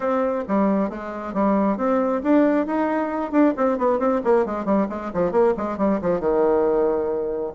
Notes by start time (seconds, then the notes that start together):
0.00 C4
0.47 G3
0.89 G#3
1.33 G3
1.77 C4
2.23 D4
2.66 D#4
3.31 D4
3.56 C4
3.78 B3
3.99 C4
4.24 A#3
4.45 G#3
4.65 G3
4.89 G#3
5.13 F3
5.31 A#3
5.57 G#3
5.77 G3
6.01 F3
6.19 D#3